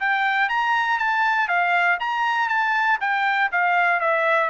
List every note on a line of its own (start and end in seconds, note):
0.00 0.49 G5
0.49 0.99 A#5
0.99 1.48 A5
1.48 1.98 F5
2.00 2.49 A#5
2.49 2.99 A5
3.01 3.51 G5
3.52 4.00 F5
4.00 4.50 E5